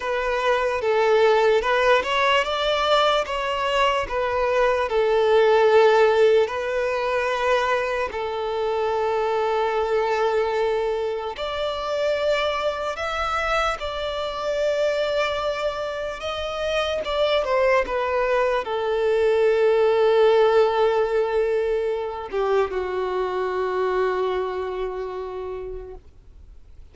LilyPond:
\new Staff \with { instrumentName = "violin" } { \time 4/4 \tempo 4 = 74 b'4 a'4 b'8 cis''8 d''4 | cis''4 b'4 a'2 | b'2 a'2~ | a'2 d''2 |
e''4 d''2. | dis''4 d''8 c''8 b'4 a'4~ | a'2.~ a'8 g'8 | fis'1 | }